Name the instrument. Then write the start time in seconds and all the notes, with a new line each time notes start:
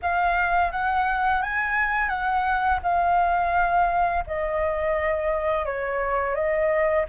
flute
0.02 F5
0.71 F#5
1.42 G#5
2.09 F#5
2.82 F5
4.26 D#5
5.65 C#5
6.34 D#5